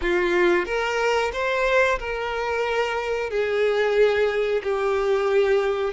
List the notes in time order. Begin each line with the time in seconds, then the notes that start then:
0.01 F4
0.65 A#4
1.32 C5
1.99 A#4
3.30 G#4
4.63 G4